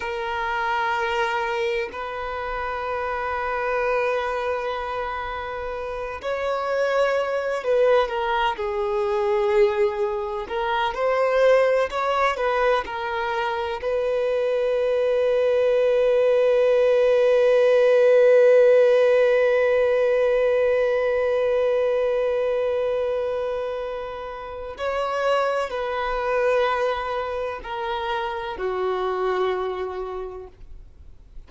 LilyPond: \new Staff \with { instrumentName = "violin" } { \time 4/4 \tempo 4 = 63 ais'2 b'2~ | b'2~ b'8 cis''4. | b'8 ais'8 gis'2 ais'8 c''8~ | c''8 cis''8 b'8 ais'4 b'4.~ |
b'1~ | b'1~ | b'2 cis''4 b'4~ | b'4 ais'4 fis'2 | }